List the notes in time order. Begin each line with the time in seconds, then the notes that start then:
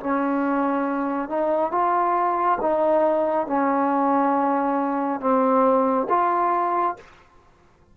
0.00 C#4
1.29 D#4
1.72 F4
2.61 D#4
3.47 C#4
5.20 C4
6.09 F4